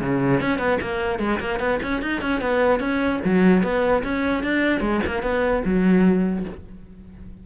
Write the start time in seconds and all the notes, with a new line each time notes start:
0.00 C#3
0.40 C#4
0.58 B3
0.81 A#3
1.19 G#3
1.39 A#3
1.59 B3
1.82 C#4
2.01 D#4
2.21 C#4
2.41 B3
2.79 C#4
3.24 F#3
3.62 B3
4.03 C#4
4.43 D4
4.80 G#3
5.06 A#3
5.22 B3
5.64 F#3